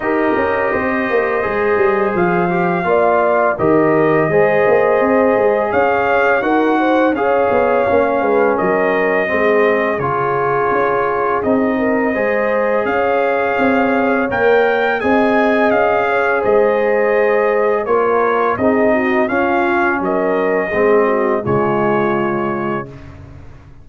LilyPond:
<<
  \new Staff \with { instrumentName = "trumpet" } { \time 4/4 \tempo 4 = 84 dis''2. f''4~ | f''4 dis''2. | f''4 fis''4 f''2 | dis''2 cis''2 |
dis''2 f''2 | g''4 gis''4 f''4 dis''4~ | dis''4 cis''4 dis''4 f''4 | dis''2 cis''2 | }
  \new Staff \with { instrumentName = "horn" } { \time 4/4 ais'4 c''2. | d''4 ais'4 c''2 | cis''4 ais'8 c''8 cis''4. b'8 | ais'4 gis'2.~ |
gis'8 ais'8 c''4 cis''2~ | cis''4 dis''4. cis''8 c''4~ | c''4 ais'4 gis'8 fis'8 f'4 | ais'4 gis'8 fis'8 f'2 | }
  \new Staff \with { instrumentName = "trombone" } { \time 4/4 g'2 gis'4. g'8 | f'4 g'4 gis'2~ | gis'4 fis'4 gis'4 cis'4~ | cis'4 c'4 f'2 |
dis'4 gis'2. | ais'4 gis'2.~ | gis'4 f'4 dis'4 cis'4~ | cis'4 c'4 gis2 | }
  \new Staff \with { instrumentName = "tuba" } { \time 4/4 dis'8 cis'8 c'8 ais8 gis8 g8 f4 | ais4 dis4 gis8 ais8 c'8 gis8 | cis'4 dis'4 cis'8 b8 ais8 gis8 | fis4 gis4 cis4 cis'4 |
c'4 gis4 cis'4 c'4 | ais4 c'4 cis'4 gis4~ | gis4 ais4 c'4 cis'4 | fis4 gis4 cis2 | }
>>